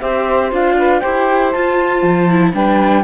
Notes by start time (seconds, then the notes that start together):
0.00 C4 G4 C5 E5
0.51 D4 F4 F5
0.78 B4
1.00 E4 G4 C5 G5
1.51 F4 A5
2.02 F3
2.30 E4
2.53 G3 D4 B4 G5